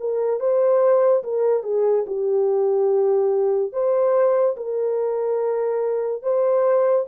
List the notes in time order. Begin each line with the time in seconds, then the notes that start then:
0.00 A#4
0.40 C5
1.23 A#4
1.63 G#4
2.06 G4
3.73 C5
4.57 A#4
6.23 C5